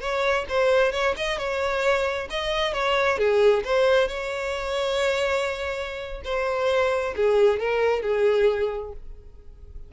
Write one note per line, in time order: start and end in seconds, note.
0.00 0.45 C#5
0.49 0.92 C5
0.92 1.15 C#5
1.17 1.38 D#5
1.38 2.28 C#5
2.30 2.73 D#5
2.73 3.18 C#5
3.18 3.63 G#4
3.64 4.08 C5
4.08 6.22 C#5
6.24 7.14 C5
7.16 7.60 G#4
7.60 8.02 A#4
8.02 8.92 G#4